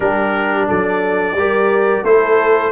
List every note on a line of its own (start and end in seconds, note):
0.00 0.68 G3
0.00 1.36 D4
0.00 0.67 G4
0.00 0.68 A#4
0.67 1.34 F#3
0.67 1.35 A4
0.67 2.04 D5
1.34 2.02 G3
1.34 2.05 G4
1.34 2.04 A#4
2.03 2.71 A3
2.03 2.72 E4
2.03 2.72 A4
2.03 2.72 C5